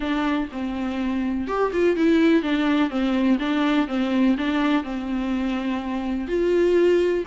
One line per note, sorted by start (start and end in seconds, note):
0.00 0.48 D4
0.51 1.47 C4
1.47 1.71 G4
1.72 1.96 F4
1.96 2.42 E4
2.42 2.89 D4
2.89 3.38 C4
3.39 3.87 D4
3.87 4.35 C4
4.37 4.83 D4
4.83 6.27 C4
6.27 7.24 F4